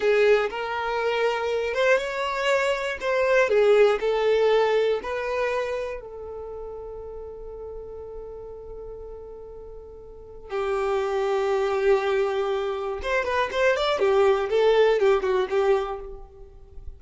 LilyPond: \new Staff \with { instrumentName = "violin" } { \time 4/4 \tempo 4 = 120 gis'4 ais'2~ ais'8 c''8 | cis''2 c''4 gis'4 | a'2 b'2 | a'1~ |
a'1~ | a'4 g'2.~ | g'2 c''8 b'8 c''8 d''8 | g'4 a'4 g'8 fis'8 g'4 | }